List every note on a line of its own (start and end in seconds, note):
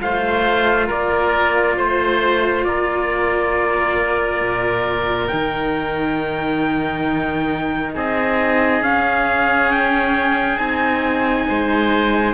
0.00 0.90 A3
0.00 5.29 F4
0.00 0.88 C5
0.00 0.90 F5
0.88 1.78 A#3
0.88 1.76 A#4
0.88 1.79 D5
1.78 2.66 A3
1.78 2.66 C5
1.78 2.65 C5
2.65 4.41 A#3
2.65 7.95 A#4
2.65 5.28 D5
4.41 5.29 A#2
5.28 7.96 D#3
5.28 8.83 D#4
5.28 7.93 G5
7.95 8.82 C4
7.95 11.48 G#4
7.95 8.84 D#5
8.82 10.58 C#4
8.82 9.72 F5
9.72 10.58 G5
10.58 11.47 C4
10.58 12.34 D#4
10.58 12.34 G#5
11.48 12.34 G#3
11.48 12.34 C5